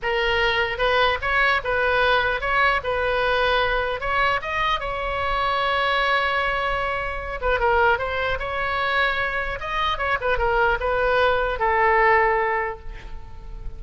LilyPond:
\new Staff \with { instrumentName = "oboe" } { \time 4/4 \tempo 4 = 150 ais'2 b'4 cis''4 | b'2 cis''4 b'4~ | b'2 cis''4 dis''4 | cis''1~ |
cis''2~ cis''8 b'8 ais'4 | c''4 cis''2. | dis''4 cis''8 b'8 ais'4 b'4~ | b'4 a'2. | }